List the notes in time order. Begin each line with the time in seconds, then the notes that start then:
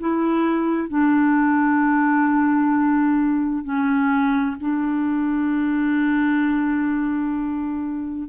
0.00 E4
0.89 D4
3.64 C#4
4.61 D4